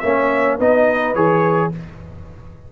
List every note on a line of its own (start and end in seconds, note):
0.00 0.59 A#3
0.00 0.59 C#4
0.00 0.58 C#5
0.00 0.57 E5
0.58 1.15 B3
0.58 1.15 D#4
0.58 1.71 B4
0.58 1.15 D#5
1.15 1.71 E3
1.15 1.72 G#4
1.15 1.71 C#5